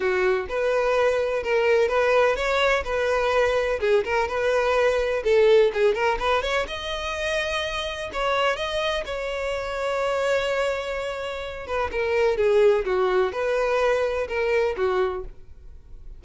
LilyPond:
\new Staff \with { instrumentName = "violin" } { \time 4/4 \tempo 4 = 126 fis'4 b'2 ais'4 | b'4 cis''4 b'2 | gis'8 ais'8 b'2 a'4 | gis'8 ais'8 b'8 cis''8 dis''2~ |
dis''4 cis''4 dis''4 cis''4~ | cis''1~ | cis''8 b'8 ais'4 gis'4 fis'4 | b'2 ais'4 fis'4 | }